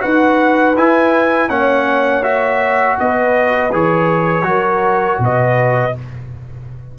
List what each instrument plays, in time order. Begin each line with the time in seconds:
0.00 tuba D#4, trombone F#4, horn B4, trumpet F#5
0.77 tuba E4, trombone E4, trumpet G#5
1.50 tuba A#3, trombone C#4, horn C#5, trumpet F#5
2.23 trombone F#4, trumpet E5
2.99 tuba B3, horn B4, trumpet D#5
3.73 tuba E3, trombone G#4, trumpet C#5
4.43 tuba F#3, trombone F#4, horn A#4
5.19 tuba B2, horn B4, trumpet D#5